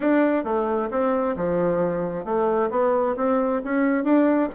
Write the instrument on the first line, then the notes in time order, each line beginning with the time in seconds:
bassoon
0.00 D4
0.44 A3
0.90 C4
1.36 F3
2.24 A3
2.70 B3
3.16 C4
3.64 C#4
4.04 D4